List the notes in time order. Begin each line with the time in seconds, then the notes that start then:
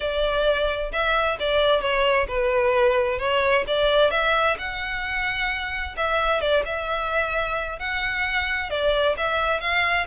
0.00 D5
0.92 E5
1.39 D5
1.81 C#5
2.28 B4
3.18 C#5
3.67 D5
4.11 E5
4.58 F#5
5.96 E5
6.40 D5
6.65 E5
7.79 F#5
8.70 D5
9.17 E5
9.60 F5